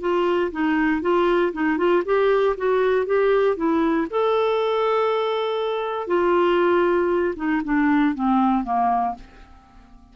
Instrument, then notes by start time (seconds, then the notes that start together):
clarinet
0.00 F4
0.51 D#4
1.01 F4
1.53 D#4
1.77 F4
2.05 G4
2.57 F#4
3.06 G4
3.56 E4
4.10 A4
6.07 F4
7.36 D#4
7.64 D4
8.15 C4
8.64 A#3